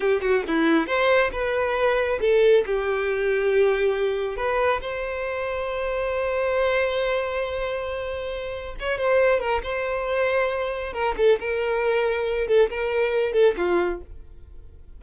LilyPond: \new Staff \with { instrumentName = "violin" } { \time 4/4 \tempo 4 = 137 g'8 fis'8 e'4 c''4 b'4~ | b'4 a'4 g'2~ | g'2 b'4 c''4~ | c''1~ |
c''1 | cis''8 c''4 ais'8 c''2~ | c''4 ais'8 a'8 ais'2~ | ais'8 a'8 ais'4. a'8 f'4 | }